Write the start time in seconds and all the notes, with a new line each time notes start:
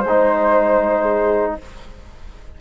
0.00 G#3 C5
0.08 D#4
1.02 G#4